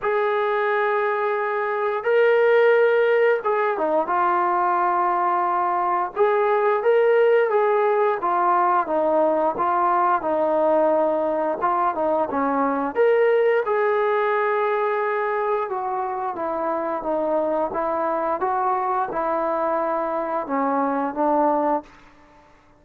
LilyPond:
\new Staff \with { instrumentName = "trombone" } { \time 4/4 \tempo 4 = 88 gis'2. ais'4~ | ais'4 gis'8 dis'8 f'2~ | f'4 gis'4 ais'4 gis'4 | f'4 dis'4 f'4 dis'4~ |
dis'4 f'8 dis'8 cis'4 ais'4 | gis'2. fis'4 | e'4 dis'4 e'4 fis'4 | e'2 cis'4 d'4 | }